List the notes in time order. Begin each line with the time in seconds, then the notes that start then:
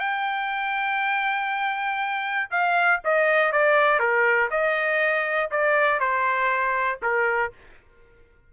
0.00 G5
2.51 F5
3.04 D#5
3.52 D5
3.99 A#4
4.50 D#5
5.51 D5
6.00 C5
7.02 A#4